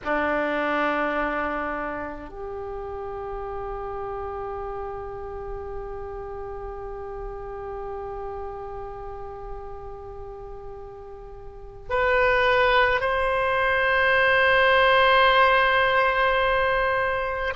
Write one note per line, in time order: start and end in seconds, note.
0.04 2.29 D4
2.29 11.89 G4
11.89 13.00 B4
13.00 17.53 C5